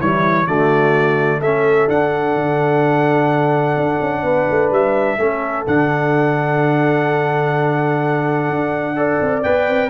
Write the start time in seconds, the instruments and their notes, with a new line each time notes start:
0.00 tuba E3, trombone G3, horn E4, trumpet C#5
0.47 tuba D3, trombone A3, horn F#4, trumpet D5
1.39 tuba A3, trombone C#4, horn A4, trumpet E5
1.88 tuba D4, trombone D4, trumpet F#5
2.35 tuba D3
3.76 tuba D4
4.01 tuba C#4
4.23 tuba B3, horn B4
4.50 tuba A3
4.70 tuba G3, trumpet E5
5.19 tuba A3, trombone C#4, horn A4
5.66 tuba D3, trombone D4, trumpet F#5
8.49 tuba D4
8.96 trombone A4, horn D5
9.21 tuba C4
9.43 tuba B3, trombone B4, trumpet G5
9.68 tuba C4